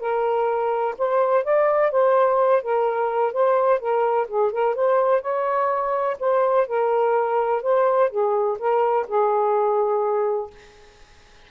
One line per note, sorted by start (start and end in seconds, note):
0.00 0.95 A#4
0.98 1.44 C5
1.44 1.92 D5
1.92 2.63 C5
2.63 3.33 A#4
3.33 3.80 C5
3.80 4.27 A#4
4.28 4.52 G#4
4.52 4.76 A#4
4.76 5.22 C5
5.22 6.17 C#5
6.20 6.68 C5
6.68 7.63 A#4
7.63 8.10 C5
8.11 8.58 G#4
8.59 9.07 A#4
9.08 10.51 G#4